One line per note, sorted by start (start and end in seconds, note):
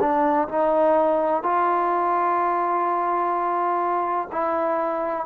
0.00 0.48 D4
0.48 1.43 D#4
1.43 4.29 F4
4.32 5.26 E4